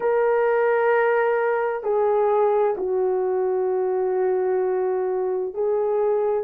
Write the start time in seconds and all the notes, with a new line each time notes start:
0.00 A#4
1.83 G#4
2.77 F#4
5.54 G#4